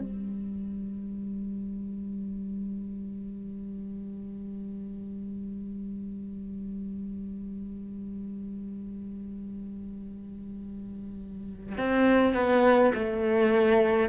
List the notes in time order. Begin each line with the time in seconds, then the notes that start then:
0.00 G3
11.78 C4
12.35 B3
12.95 A3